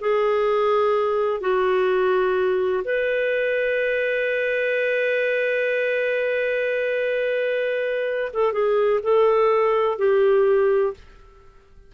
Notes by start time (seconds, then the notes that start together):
0.00 G#4
1.40 F#4
2.84 B4
8.33 A4
8.52 G#4
9.02 A4
9.98 G4